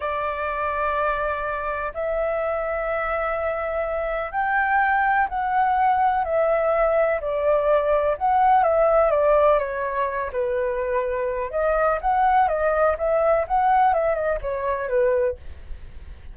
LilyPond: \new Staff \with { instrumentName = "flute" } { \time 4/4 \tempo 4 = 125 d''1 | e''1~ | e''4 g''2 fis''4~ | fis''4 e''2 d''4~ |
d''4 fis''4 e''4 d''4 | cis''4. b'2~ b'8 | dis''4 fis''4 dis''4 e''4 | fis''4 e''8 dis''8 cis''4 b'4 | }